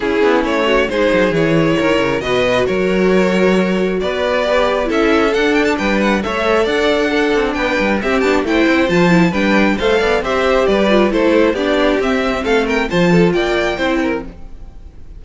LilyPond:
<<
  \new Staff \with { instrumentName = "violin" } { \time 4/4 \tempo 4 = 135 gis'4 cis''4 c''4 cis''4~ | cis''4 dis''4 cis''2~ | cis''4 d''2 e''4 | fis''8 g''16 a''16 g''8 fis''8 e''4 fis''4~ |
fis''4 g''4 e''8 a''8 g''4 | a''4 g''4 f''4 e''4 | d''4 c''4 d''4 e''4 | f''8 g''8 a''4 g''2 | }
  \new Staff \with { instrumentName = "violin" } { \time 4/4 e'4. fis'8 gis'2 | ais'4 b'4 ais'2~ | ais'4 b'2 a'4~ | a'4 b'4 cis''4 d''4 |
a'4 b'4 g'4 c''4~ | c''4 b'4 c''8 d''8 c''4 | b'4 a'4 g'2 | a'8 ais'8 c''8 a'8 d''4 c''8 ais'8 | }
  \new Staff \with { instrumentName = "viola" } { \time 4/4 cis'2 dis'4 e'4~ | e'4 fis'2.~ | fis'2 g'4 e'4 | d'2 a'2 |
d'2 c'8 d'8 e'4 | f'8 e'8 d'4 a'4 g'4~ | g'8 f'8 e'4 d'4 c'4~ | c'4 f'2 e'4 | }
  \new Staff \with { instrumentName = "cello" } { \time 4/4 cis'8 b8 a4 gis8 fis8 e4 | dis8 cis8 b,4 fis2~ | fis4 b2 cis'4 | d'4 g4 a4 d'4~ |
d'8 c'8 b8 g8 c'8 b8 a8 c'8 | f4 g4 a8 b8 c'4 | g4 a4 b4 c'4 | a4 f4 ais4 c'4 | }
>>